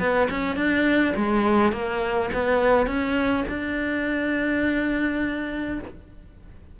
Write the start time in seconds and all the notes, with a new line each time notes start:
0.00 B3
0.31 C#4
0.57 D4
1.16 G#3
1.73 A#3
2.34 B3
2.87 C#4
3.49 D4